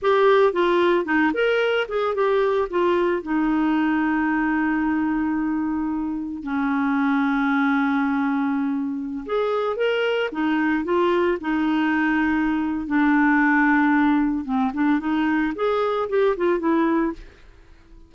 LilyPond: \new Staff \with { instrumentName = "clarinet" } { \time 4/4 \tempo 4 = 112 g'4 f'4 dis'8 ais'4 gis'8 | g'4 f'4 dis'2~ | dis'1 | cis'1~ |
cis'4~ cis'16 gis'4 ais'4 dis'8.~ | dis'16 f'4 dis'2~ dis'8. | d'2. c'8 d'8 | dis'4 gis'4 g'8 f'8 e'4 | }